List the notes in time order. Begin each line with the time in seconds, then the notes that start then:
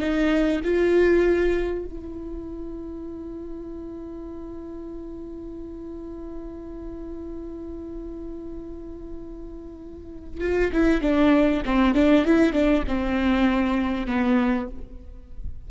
0.00 D#4
0.64 F4
1.86 E4
10.41 F4
10.73 E4
11.01 D4
11.65 C4
11.95 D4
12.25 E4
12.53 D4
12.88 C4
14.07 B3